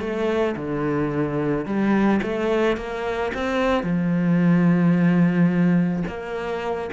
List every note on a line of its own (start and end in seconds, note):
0.00 0.55 A3
0.56 1.65 D3
1.65 2.20 G3
2.22 2.77 A3
2.77 3.32 A#3
3.34 3.83 C4
3.83 6.03 F3
6.07 6.90 A#3